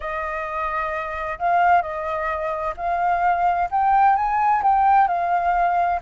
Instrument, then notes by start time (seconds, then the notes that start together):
flute
0.00 D#5
1.38 F5
1.81 D#5
2.77 F5
3.70 G5
4.16 G#5
4.62 G5
5.07 F5